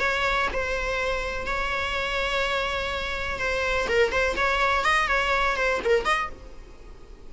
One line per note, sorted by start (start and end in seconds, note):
0.00 0.48 C#5
0.53 1.46 C5
1.46 3.39 C#5
3.39 3.88 C5
3.89 4.12 A#4
4.12 4.36 C5
4.37 4.85 C#5
4.85 5.08 D#5
5.08 5.56 C#5
5.56 5.81 C5
5.84 6.05 A#4
6.05 6.30 D#5